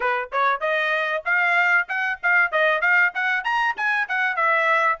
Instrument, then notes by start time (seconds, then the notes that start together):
trumpet
0.00 B4
0.32 C#5
0.60 D#5
1.25 F5
1.88 F#5
2.22 F5
2.51 D#5
2.81 F5
3.14 F#5
3.44 A#5
3.76 G#5
4.08 F#5
4.36 E5